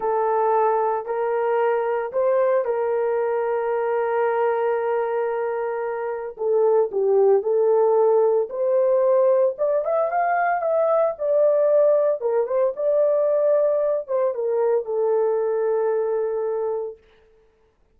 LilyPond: \new Staff \with { instrumentName = "horn" } { \time 4/4 \tempo 4 = 113 a'2 ais'2 | c''4 ais'2.~ | ais'1 | a'4 g'4 a'2 |
c''2 d''8 e''8 f''4 | e''4 d''2 ais'8 c''8 | d''2~ d''8 c''8 ais'4 | a'1 | }